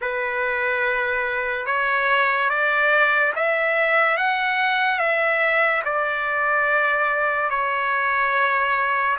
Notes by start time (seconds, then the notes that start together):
0.01 B4
1.66 C#5
2.49 D5
3.35 E5
4.17 F#5
4.99 E5
5.84 D5
7.50 C#5